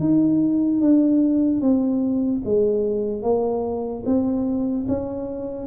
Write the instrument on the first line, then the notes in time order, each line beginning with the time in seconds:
tuba
0.00 D#4
0.81 D4
1.61 C4
2.45 G#3
3.23 A#3
4.06 C4
4.88 C#4